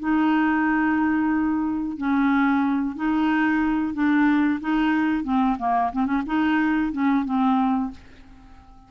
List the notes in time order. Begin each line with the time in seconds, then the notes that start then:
0.00 D#4
1.98 C#4
2.96 D#4
3.94 D4
4.61 D#4
5.24 C4
5.59 A#3
5.93 C4
6.06 C#4
6.27 D#4
6.92 C#4
7.25 C4